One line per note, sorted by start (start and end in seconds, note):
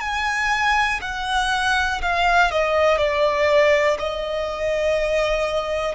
0.00 1.00 G#5
1.01 2.01 F#5
2.02 2.51 F5
2.51 2.97 D#5
2.97 3.97 D5
3.99 5.95 D#5